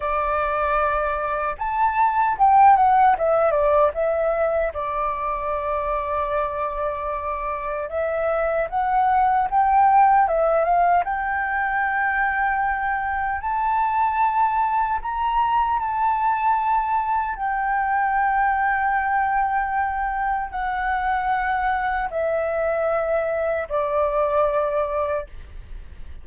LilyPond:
\new Staff \with { instrumentName = "flute" } { \time 4/4 \tempo 4 = 76 d''2 a''4 g''8 fis''8 | e''8 d''8 e''4 d''2~ | d''2 e''4 fis''4 | g''4 e''8 f''8 g''2~ |
g''4 a''2 ais''4 | a''2 g''2~ | g''2 fis''2 | e''2 d''2 | }